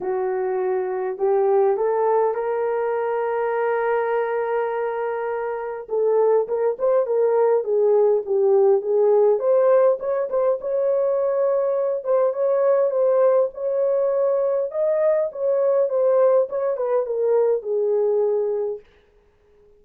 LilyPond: \new Staff \with { instrumentName = "horn" } { \time 4/4 \tempo 4 = 102 fis'2 g'4 a'4 | ais'1~ | ais'2 a'4 ais'8 c''8 | ais'4 gis'4 g'4 gis'4 |
c''4 cis''8 c''8 cis''2~ | cis''8 c''8 cis''4 c''4 cis''4~ | cis''4 dis''4 cis''4 c''4 | cis''8 b'8 ais'4 gis'2 | }